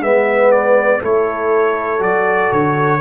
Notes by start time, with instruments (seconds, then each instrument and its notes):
0.00 tuba G#3, trombone B3, horn B4, trumpet E5
0.51 trumpet D5
1.01 tuba A3, trombone E4, horn A4, trumpet C#5
1.99 tuba F#3, trombone F#4, trumpet D5
2.52 tuba D3, trumpet C#5